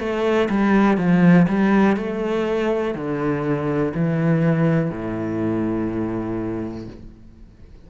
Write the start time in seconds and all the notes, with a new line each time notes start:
0.00 A3
0.50 G3
0.98 F3
1.49 G3
1.97 A3
2.95 D3
3.95 E3
4.91 A2